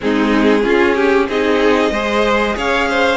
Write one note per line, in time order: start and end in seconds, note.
0.00 0.65 G#3
0.00 0.62 C4
0.00 0.63 D#4
0.00 1.28 G#4
0.62 1.25 C#4
0.62 1.28 C#4
0.62 0.94 F4
0.94 1.26 G4
1.28 1.91 C4
1.28 1.93 D#4
1.28 1.91 G#4
1.28 2.57 D#5
1.91 2.54 G#3
1.91 3.17 G#4
1.91 2.55 C5
2.56 3.17 C#4
2.56 2.88 C#5
2.56 3.17 F5
2.89 3.17 C5